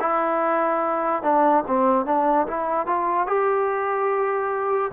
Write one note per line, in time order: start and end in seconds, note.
0.00 1.23 E4
1.23 1.64 D4
1.67 2.05 C4
2.05 2.47 D4
2.47 2.87 E4
2.87 3.27 F4
3.27 4.91 G4